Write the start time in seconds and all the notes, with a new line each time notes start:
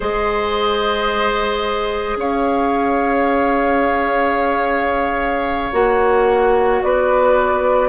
0.00 G#3 G#4 C5 D#5
2.15 C#4 C#5 F5
5.72 A#3 F#4 F#5
6.82 B3 B4 D5